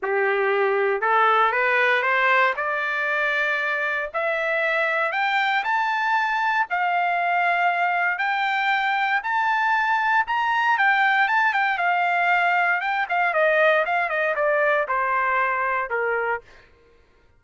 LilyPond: \new Staff \with { instrumentName = "trumpet" } { \time 4/4 \tempo 4 = 117 g'2 a'4 b'4 | c''4 d''2. | e''2 g''4 a''4~ | a''4 f''2. |
g''2 a''2 | ais''4 g''4 a''8 g''8 f''4~ | f''4 g''8 f''8 dis''4 f''8 dis''8 | d''4 c''2 ais'4 | }